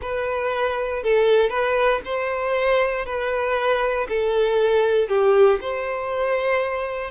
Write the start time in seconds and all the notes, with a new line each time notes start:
0.01 B4
1.03 A4
1.49 B4
2.04 C5
3.05 B4
4.08 A4
5.08 G4
5.61 C5